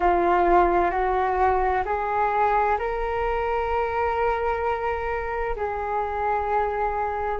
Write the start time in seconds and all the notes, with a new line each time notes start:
0.00 F4
0.90 F#4
1.85 G#4
2.78 A#4
5.56 G#4